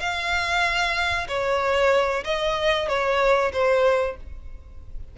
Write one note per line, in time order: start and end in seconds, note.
0.00 1.28 F5
1.29 2.24 C#5
2.25 2.88 D#5
2.88 3.52 C#5
3.53 4.17 C5